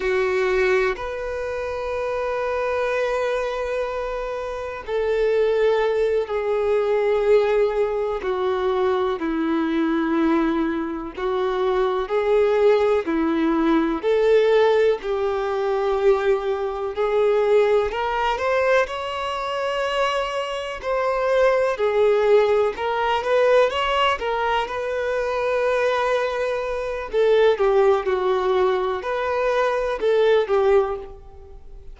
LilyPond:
\new Staff \with { instrumentName = "violin" } { \time 4/4 \tempo 4 = 62 fis'4 b'2.~ | b'4 a'4. gis'4.~ | gis'8 fis'4 e'2 fis'8~ | fis'8 gis'4 e'4 a'4 g'8~ |
g'4. gis'4 ais'8 c''8 cis''8~ | cis''4. c''4 gis'4 ais'8 | b'8 cis''8 ais'8 b'2~ b'8 | a'8 g'8 fis'4 b'4 a'8 g'8 | }